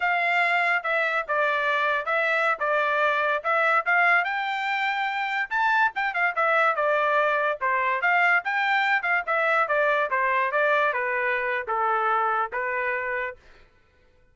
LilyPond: \new Staff \with { instrumentName = "trumpet" } { \time 4/4 \tempo 4 = 144 f''2 e''4 d''4~ | d''4 e''4~ e''16 d''4.~ d''16~ | d''16 e''4 f''4 g''4.~ g''16~ | g''4~ g''16 a''4 g''8 f''8 e''8.~ |
e''16 d''2 c''4 f''8.~ | f''16 g''4. f''8 e''4 d''8.~ | d''16 c''4 d''4 b'4.~ b'16 | a'2 b'2 | }